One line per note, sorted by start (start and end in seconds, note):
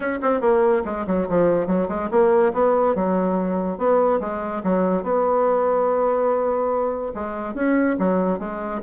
0.00 0.19 C#4
0.22 0.40 C4
0.40 0.82 A#3
0.85 1.06 G#3
1.06 1.27 F#3
1.28 1.66 F3
1.66 1.87 F#3
1.88 2.09 G#3
2.11 2.53 A#3
2.53 2.95 B3
2.95 3.78 F#3
3.78 4.20 B3
4.20 4.62 G#3
4.63 5.03 F#3
5.03 7.12 B3
7.14 7.54 G#3
7.54 7.96 C#4
7.98 8.39 F#3
8.39 8.81 G#3